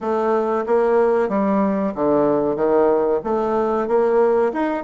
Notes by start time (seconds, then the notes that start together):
0.00 A3
0.66 A#3
1.28 G3
1.94 D3
2.55 D#3
3.24 A3
3.87 A#3
4.52 D#4